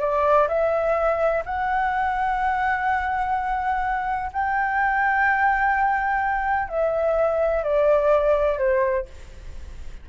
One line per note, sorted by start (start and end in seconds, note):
0.00 0.48 D5
0.48 1.43 E5
1.45 4.31 F#5
4.32 6.68 G5
6.68 7.63 E5
7.63 8.58 D5
8.58 9.06 C5